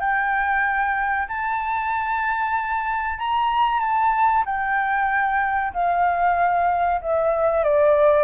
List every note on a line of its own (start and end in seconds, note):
0.00 1.28 G5
1.28 3.19 A5
3.19 3.80 A#5
3.80 4.44 A5
4.45 5.73 G5
5.73 7.01 F5
7.02 7.64 E5
7.64 8.24 D5